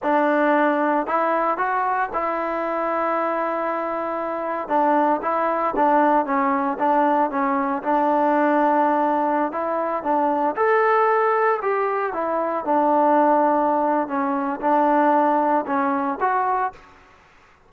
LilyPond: \new Staff \with { instrumentName = "trombone" } { \time 4/4 \tempo 4 = 115 d'2 e'4 fis'4 | e'1~ | e'4 d'4 e'4 d'4 | cis'4 d'4 cis'4 d'4~ |
d'2~ d'16 e'4 d'8.~ | d'16 a'2 g'4 e'8.~ | e'16 d'2~ d'8. cis'4 | d'2 cis'4 fis'4 | }